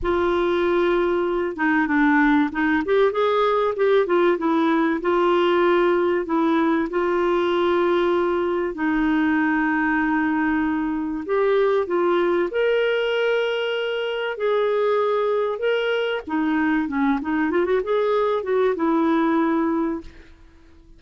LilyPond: \new Staff \with { instrumentName = "clarinet" } { \time 4/4 \tempo 4 = 96 f'2~ f'8 dis'8 d'4 | dis'8 g'8 gis'4 g'8 f'8 e'4 | f'2 e'4 f'4~ | f'2 dis'2~ |
dis'2 g'4 f'4 | ais'2. gis'4~ | gis'4 ais'4 dis'4 cis'8 dis'8 | f'16 fis'16 gis'4 fis'8 e'2 | }